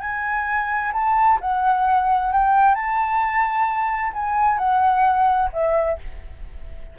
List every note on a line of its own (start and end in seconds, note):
0.00 0.92 G#5
0.93 1.39 A5
1.40 2.32 F#5
2.32 2.75 G5
2.75 4.12 A5
4.13 4.58 G#5
4.58 5.49 F#5
5.52 5.98 E5